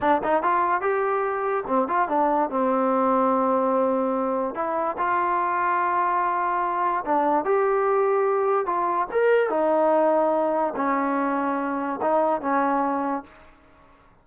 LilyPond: \new Staff \with { instrumentName = "trombone" } { \time 4/4 \tempo 4 = 145 d'8 dis'8 f'4 g'2 | c'8 f'8 d'4 c'2~ | c'2. e'4 | f'1~ |
f'4 d'4 g'2~ | g'4 f'4 ais'4 dis'4~ | dis'2 cis'2~ | cis'4 dis'4 cis'2 | }